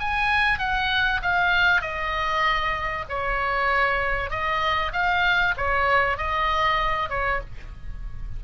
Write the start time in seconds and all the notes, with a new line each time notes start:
0.00 G#5
0.59 F#5
1.22 F5
1.81 D#5
3.09 C#5
4.30 D#5
4.93 F5
5.57 C#5
6.18 D#5
7.09 C#5